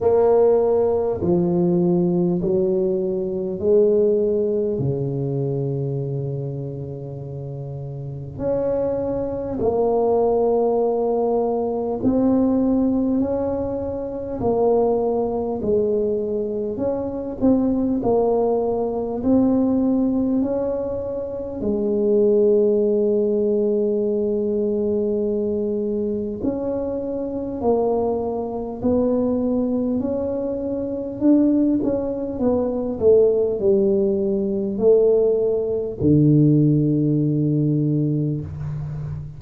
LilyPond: \new Staff \with { instrumentName = "tuba" } { \time 4/4 \tempo 4 = 50 ais4 f4 fis4 gis4 | cis2. cis'4 | ais2 c'4 cis'4 | ais4 gis4 cis'8 c'8 ais4 |
c'4 cis'4 gis2~ | gis2 cis'4 ais4 | b4 cis'4 d'8 cis'8 b8 a8 | g4 a4 d2 | }